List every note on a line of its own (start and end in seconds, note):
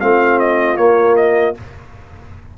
0.00 0.77 A3
0.00 0.77 C4
0.00 1.57 F4
0.00 0.39 F5
0.39 0.77 D#5
0.77 1.55 A#3
0.77 1.16 C#5
1.16 1.55 D#5